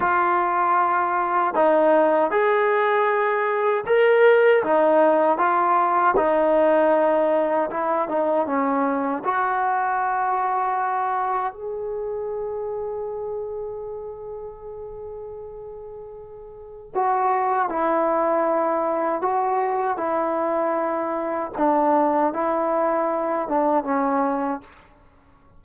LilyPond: \new Staff \with { instrumentName = "trombone" } { \time 4/4 \tempo 4 = 78 f'2 dis'4 gis'4~ | gis'4 ais'4 dis'4 f'4 | dis'2 e'8 dis'8 cis'4 | fis'2. gis'4~ |
gis'1~ | gis'2 fis'4 e'4~ | e'4 fis'4 e'2 | d'4 e'4. d'8 cis'4 | }